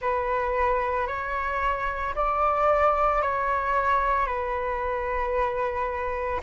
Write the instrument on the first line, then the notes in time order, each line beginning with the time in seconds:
flute
0.01 B4
1.07 C#5
2.15 D5
3.21 C#5
4.26 B4